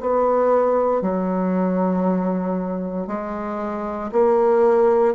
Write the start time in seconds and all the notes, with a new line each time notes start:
0.00 B3
1.02 F#3
3.08 G#3
4.12 A#3